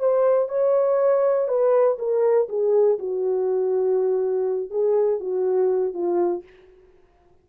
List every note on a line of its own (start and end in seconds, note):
0.00 0.49 C5
0.49 1.48 C#5
1.49 1.98 B4
1.99 2.48 A#4
2.49 2.99 G#4
2.99 4.71 F#4
4.71 5.20 G#4
5.20 5.94 F#4
5.94 6.43 F4